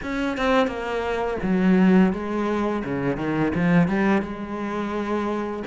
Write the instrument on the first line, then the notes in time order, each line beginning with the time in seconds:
cello
0.03 C#4
0.37 C4
0.67 A#3
1.42 F#3
2.12 G#3
2.84 C#3
3.16 D#3
3.55 F3
3.88 G3
4.22 G#3